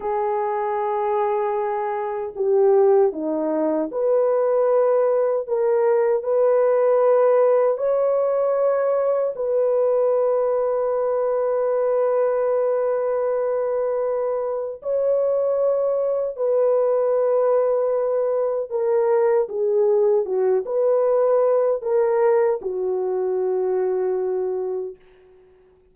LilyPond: \new Staff \with { instrumentName = "horn" } { \time 4/4 \tempo 4 = 77 gis'2. g'4 | dis'4 b'2 ais'4 | b'2 cis''2 | b'1~ |
b'2. cis''4~ | cis''4 b'2. | ais'4 gis'4 fis'8 b'4. | ais'4 fis'2. | }